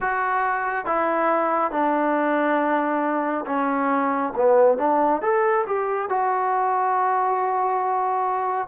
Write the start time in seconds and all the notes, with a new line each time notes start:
0.00 F#4
0.85 E4
1.71 D4
3.46 C#4
4.36 B3
4.77 D4
5.21 A4
5.66 G4
6.09 F#4